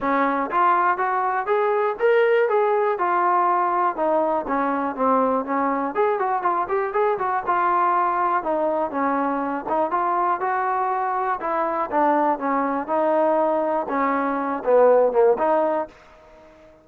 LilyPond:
\new Staff \with { instrumentName = "trombone" } { \time 4/4 \tempo 4 = 121 cis'4 f'4 fis'4 gis'4 | ais'4 gis'4 f'2 | dis'4 cis'4 c'4 cis'4 | gis'8 fis'8 f'8 g'8 gis'8 fis'8 f'4~ |
f'4 dis'4 cis'4. dis'8 | f'4 fis'2 e'4 | d'4 cis'4 dis'2 | cis'4. b4 ais8 dis'4 | }